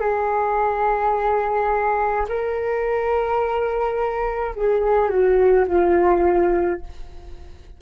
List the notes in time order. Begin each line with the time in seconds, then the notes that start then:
0.00 G#4
2.28 A#4
4.55 G#4
5.08 F#4
5.67 F4